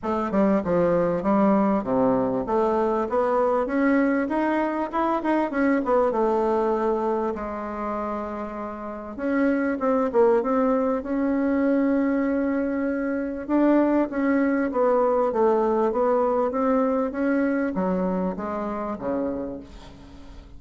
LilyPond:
\new Staff \with { instrumentName = "bassoon" } { \time 4/4 \tempo 4 = 98 a8 g8 f4 g4 c4 | a4 b4 cis'4 dis'4 | e'8 dis'8 cis'8 b8 a2 | gis2. cis'4 |
c'8 ais8 c'4 cis'2~ | cis'2 d'4 cis'4 | b4 a4 b4 c'4 | cis'4 fis4 gis4 cis4 | }